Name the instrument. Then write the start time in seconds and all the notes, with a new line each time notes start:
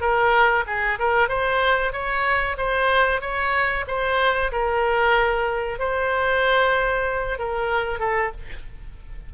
oboe
0.00 A#4
0.66 G#4
0.98 A#4
1.28 C5
1.92 C#5
2.57 C5
3.21 C#5
3.87 C5
4.51 A#4
5.79 C5
7.38 A#4
7.99 A4